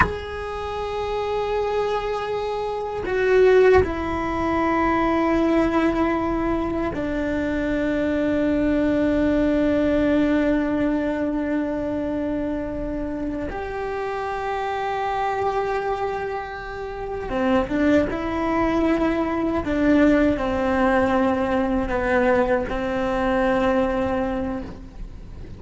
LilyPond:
\new Staff \with { instrumentName = "cello" } { \time 4/4 \tempo 4 = 78 gis'1 | fis'4 e'2.~ | e'4 d'2.~ | d'1~ |
d'4. g'2~ g'8~ | g'2~ g'8 c'8 d'8 e'8~ | e'4. d'4 c'4.~ | c'8 b4 c'2~ c'8 | }